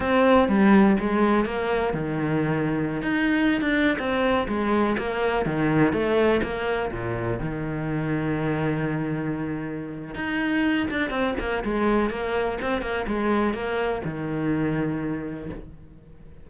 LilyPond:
\new Staff \with { instrumentName = "cello" } { \time 4/4 \tempo 4 = 124 c'4 g4 gis4 ais4 | dis2~ dis16 dis'4~ dis'16 d'8~ | d'16 c'4 gis4 ais4 dis8.~ | dis16 a4 ais4 ais,4 dis8.~ |
dis1~ | dis4 dis'4. d'8 c'8 ais8 | gis4 ais4 c'8 ais8 gis4 | ais4 dis2. | }